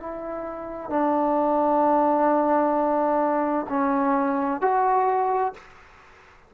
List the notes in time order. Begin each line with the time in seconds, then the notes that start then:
0.00 E4
0.90 D4
3.70 C#4
4.62 F#4